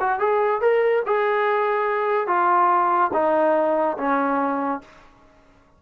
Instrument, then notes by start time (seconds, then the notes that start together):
trombone
0.00 F#4
0.19 G#4
0.61 A#4
1.06 G#4
2.27 F4
3.13 D#4
3.97 C#4